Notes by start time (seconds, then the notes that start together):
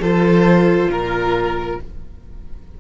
0.00 F3 F4 A4 C5
0.87 A#2 A#4